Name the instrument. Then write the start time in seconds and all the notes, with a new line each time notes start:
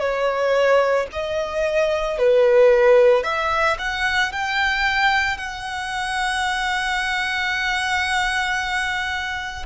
violin
0.00 C#5
1.12 D#5
2.19 B4
3.24 E5
3.79 F#5
4.32 G5
5.38 F#5